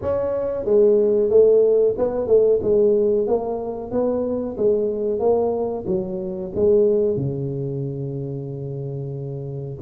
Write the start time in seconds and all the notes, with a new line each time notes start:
0.01 C#4
0.65 G#3
1.30 A3
1.97 B3
2.27 A3
2.62 G#3
3.27 A#3
3.91 B3
4.57 G#3
5.19 A#3
5.86 F#3
6.55 G#3
7.16 C#3